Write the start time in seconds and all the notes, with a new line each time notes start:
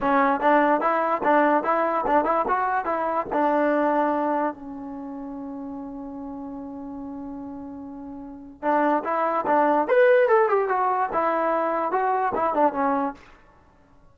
0.00 C#4
0.40 D4
0.80 E4
1.23 D4
1.63 E4
2.07 D4
2.25 E4
2.48 F#4
2.85 E4
3.32 D4
4.53 C#4
8.62 D4
9.04 E4
9.46 D4
9.87 B4
10.28 A4
10.48 G4
10.68 F#4
11.13 E4
11.91 F#4
12.34 E4
12.54 D4
12.72 C#4